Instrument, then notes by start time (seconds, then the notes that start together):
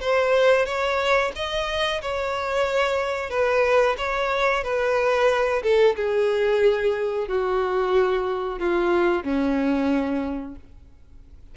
violin
0.00 C5
0.66 C#5
1.35 D#5
2.01 C#5
3.30 B4
3.97 C#5
4.63 B4
5.63 A4
5.96 G#4
7.28 F#4
8.59 F4
9.23 C#4